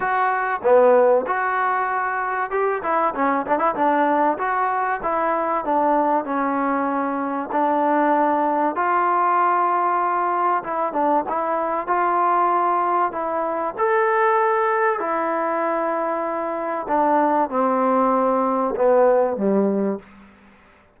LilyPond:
\new Staff \with { instrumentName = "trombone" } { \time 4/4 \tempo 4 = 96 fis'4 b4 fis'2 | g'8 e'8 cis'8 d'16 e'16 d'4 fis'4 | e'4 d'4 cis'2 | d'2 f'2~ |
f'4 e'8 d'8 e'4 f'4~ | f'4 e'4 a'2 | e'2. d'4 | c'2 b4 g4 | }